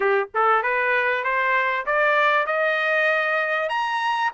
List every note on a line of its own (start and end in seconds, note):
0.00 0.28 G4
0.34 0.62 A4
0.62 1.23 B4
1.23 1.85 C5
1.86 2.46 D5
2.46 3.69 D#5
3.69 4.31 A#5